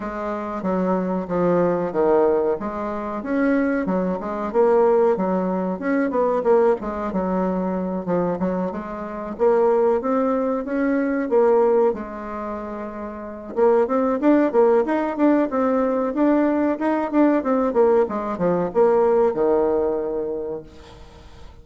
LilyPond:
\new Staff \with { instrumentName = "bassoon" } { \time 4/4 \tempo 4 = 93 gis4 fis4 f4 dis4 | gis4 cis'4 fis8 gis8 ais4 | fis4 cis'8 b8 ais8 gis8 fis4~ | fis8 f8 fis8 gis4 ais4 c'8~ |
c'8 cis'4 ais4 gis4.~ | gis4 ais8 c'8 d'8 ais8 dis'8 d'8 | c'4 d'4 dis'8 d'8 c'8 ais8 | gis8 f8 ais4 dis2 | }